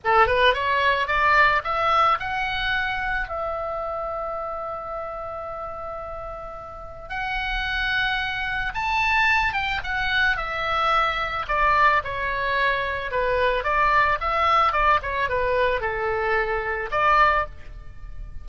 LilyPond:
\new Staff \with { instrumentName = "oboe" } { \time 4/4 \tempo 4 = 110 a'8 b'8 cis''4 d''4 e''4 | fis''2 e''2~ | e''1~ | e''4 fis''2. |
a''4. g''8 fis''4 e''4~ | e''4 d''4 cis''2 | b'4 d''4 e''4 d''8 cis''8 | b'4 a'2 d''4 | }